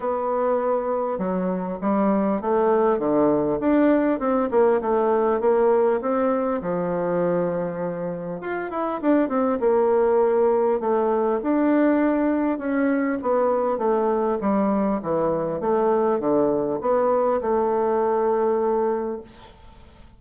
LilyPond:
\new Staff \with { instrumentName = "bassoon" } { \time 4/4 \tempo 4 = 100 b2 fis4 g4 | a4 d4 d'4 c'8 ais8 | a4 ais4 c'4 f4~ | f2 f'8 e'8 d'8 c'8 |
ais2 a4 d'4~ | d'4 cis'4 b4 a4 | g4 e4 a4 d4 | b4 a2. | }